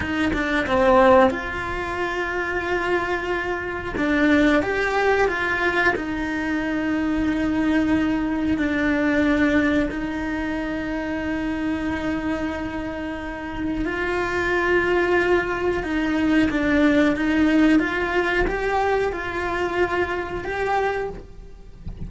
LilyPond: \new Staff \with { instrumentName = "cello" } { \time 4/4 \tempo 4 = 91 dis'8 d'8 c'4 f'2~ | f'2 d'4 g'4 | f'4 dis'2.~ | dis'4 d'2 dis'4~ |
dis'1~ | dis'4 f'2. | dis'4 d'4 dis'4 f'4 | g'4 f'2 g'4 | }